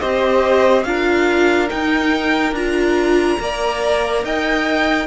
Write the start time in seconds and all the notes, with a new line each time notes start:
0.00 C4 G4 C5 D#5
0.84 D4 F4 A#4 F5
1.68 D#4 G5
2.52 D4 F4 A#5
3.40 A#3 A#4 D5
4.24 D#4 D#5 G5